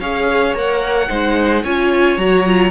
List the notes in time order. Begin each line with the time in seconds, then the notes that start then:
0.00 C#4 G#4 C#5 F5
0.55 A#3 A#4 F#5
1.09 G#3 D#4 C5
1.63 C#4 F4 C#5 G#5
2.18 F#3 F#4 A#5
2.46 F4